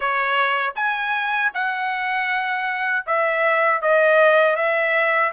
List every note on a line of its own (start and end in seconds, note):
0.00 0.74 C#5
0.75 1.51 G#5
1.54 3.06 F#5
3.06 3.81 E5
3.81 4.56 D#5
4.56 5.32 E5